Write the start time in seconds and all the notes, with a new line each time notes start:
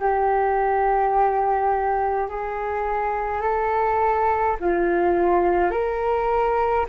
0.00 G4
2.29 G#4
3.41 A4
4.60 F4
5.71 A#4